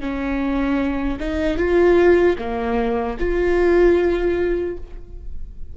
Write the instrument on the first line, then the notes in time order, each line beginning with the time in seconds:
viola
0.00 C#4
1.19 D#4
1.57 F4
2.38 A#3
3.19 F4